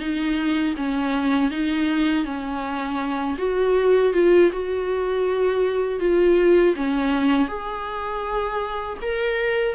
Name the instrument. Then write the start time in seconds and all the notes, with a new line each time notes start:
viola
0.00 D#4
0.77 C#4
1.51 D#4
2.25 C#4
3.38 F#4
4.14 F4
4.52 F#4
6.00 F4
6.76 C#4
7.48 G#4
9.02 A#4